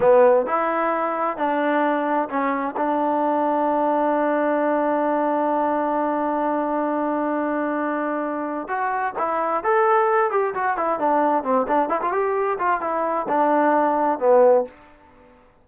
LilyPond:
\new Staff \with { instrumentName = "trombone" } { \time 4/4 \tempo 4 = 131 b4 e'2 d'4~ | d'4 cis'4 d'2~ | d'1~ | d'1~ |
d'2. fis'4 | e'4 a'4. g'8 fis'8 e'8 | d'4 c'8 d'8 e'16 f'16 g'4 f'8 | e'4 d'2 b4 | }